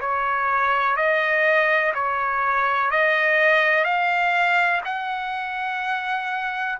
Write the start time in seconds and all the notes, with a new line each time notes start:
0.00 C#5
0.96 D#5
1.94 C#5
2.91 D#5
3.84 F5
4.84 F#5